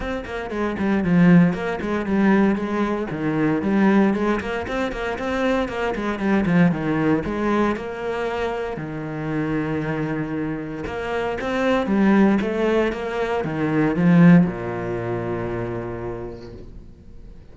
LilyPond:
\new Staff \with { instrumentName = "cello" } { \time 4/4 \tempo 4 = 116 c'8 ais8 gis8 g8 f4 ais8 gis8 | g4 gis4 dis4 g4 | gis8 ais8 c'8 ais8 c'4 ais8 gis8 | g8 f8 dis4 gis4 ais4~ |
ais4 dis2.~ | dis4 ais4 c'4 g4 | a4 ais4 dis4 f4 | ais,1 | }